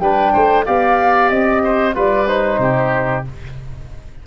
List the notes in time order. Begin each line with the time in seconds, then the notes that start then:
0.00 G3 D4 B4 G5
0.33 A3 C5
0.66 B3 G4 D5 F5
1.30 C4 D#5
1.64 C5
1.94 G3 F4 B4 D5
2.28 D#4 C5
2.59 C3 G4